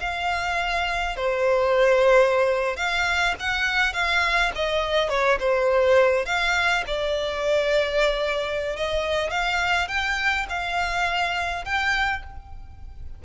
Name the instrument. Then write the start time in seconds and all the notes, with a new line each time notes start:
violin
0.00 F5
1.16 C5
2.77 F5
3.40 F#5
3.93 F5
4.55 D#5
5.09 C#5
5.40 C5
6.26 F5
6.87 D5
8.77 D#5
9.31 F5
9.88 G5
10.49 F5
11.65 G5